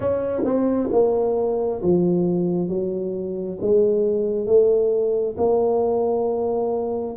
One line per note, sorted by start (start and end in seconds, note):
0.00 0.42 C#4
0.45 0.90 C4
0.92 1.82 A#3
1.82 2.68 F3
2.68 3.58 F#3
3.61 4.46 G#3
4.46 5.36 A3
5.37 7.16 A#3